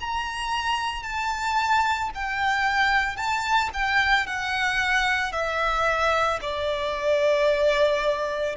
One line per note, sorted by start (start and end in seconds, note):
0.00 1.03 A#5
1.03 2.10 A5
2.14 3.17 G5
3.17 3.70 A5
3.74 4.27 G5
4.27 5.32 F#5
5.32 6.39 E5
6.41 8.56 D5